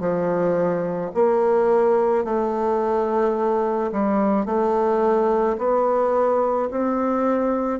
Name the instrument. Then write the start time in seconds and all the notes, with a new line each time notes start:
bassoon
0.00 F3
1.14 A#3
2.25 A3
3.92 G3
4.45 A3
5.58 B3
6.71 C4